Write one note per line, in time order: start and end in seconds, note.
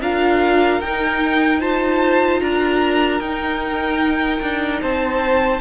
0.00 0.80 D4
0.00 0.81 F4
0.00 1.60 A#4
0.00 0.81 F5
0.81 2.41 D#4
0.81 1.60 D#4
0.81 1.61 G5
1.60 3.20 F4
1.60 2.40 C5
1.60 2.41 A5
2.41 3.20 D4
2.41 4.81 A#4
2.41 3.20 A#5
3.20 4.40 D#4
3.20 5.60 D#4
3.20 4.80 G5
4.42 4.82 D4
4.81 5.60 C4
4.81 5.60 C5
4.81 5.60 A5